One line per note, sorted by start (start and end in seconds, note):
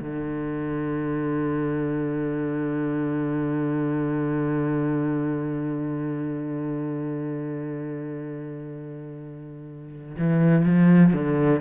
0.00 10.16 D3
10.17 10.65 E3
10.65 11.13 F3
11.13 11.60 D3